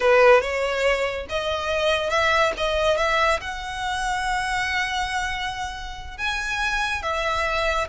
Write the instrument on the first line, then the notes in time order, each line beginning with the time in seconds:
violin
0.00 B4
0.41 C#5
1.29 D#5
2.10 E5
2.57 D#5
2.97 E5
3.40 F#5
6.17 G#5
7.02 E5